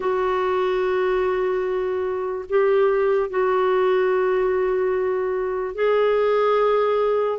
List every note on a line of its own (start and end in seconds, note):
0.00 2.45 F#4
2.49 3.30 G4
3.30 5.75 F#4
5.75 7.38 G#4